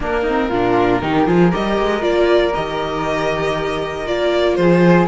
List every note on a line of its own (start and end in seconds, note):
0.00 0.49 A#3
0.00 0.26 A#3
0.00 0.23 D4
0.00 1.53 A#4
0.23 0.52 C4
0.23 0.48 D#4
0.49 1.01 A#2
0.49 1.01 D4
0.49 1.00 F4
1.01 1.27 D#3
1.01 1.25 D#4
1.01 1.26 G4
1.25 1.52 F3
1.25 1.51 F4
1.25 1.50 G#4
1.50 1.79 G3
1.50 2.00 G4
1.50 4.56 A#4
1.50 2.03 D#5
1.79 2.02 G#3
2.00 2.53 A#3
2.00 2.51 F4
2.00 2.54 D5
2.54 4.06 D#3
2.54 4.06 G4
2.54 4.07 D#5
4.06 4.57 A#3
4.06 5.07 F4
4.06 4.55 D5
4.55 5.07 F3
4.55 5.07 G#4
4.55 5.06 C5